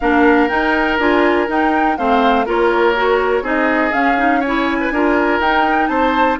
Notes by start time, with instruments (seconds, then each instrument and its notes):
0.00 bassoon A#3, clarinet D4, oboe A#4, flute F5
0.48 clarinet D#4, bassoon D#4, flute G5
0.98 bassoon D4, clarinet F4, flute G#5
1.48 clarinet D#4, bassoon D#4, flute G5
1.97 bassoon A3, clarinet C4, oboe C5, flute F5
2.45 bassoon A#3, clarinet F4, oboe A#4, flute C#5
2.95 clarinet F#4
3.41 bassoon C4, clarinet D#4, oboe G#4, flute D#5
3.91 clarinet C#4, bassoon C#4, flute F5
4.17 clarinet D#4
4.40 oboe C#5, flute G#5
4.46 clarinet E4
4.80 oboe B4
4.91 bassoon D4, clarinet F4, oboe A#4
5.39 bassoon D#4, clarinet D#4, flute G5
5.87 bassoon C4, oboe C5, flute A5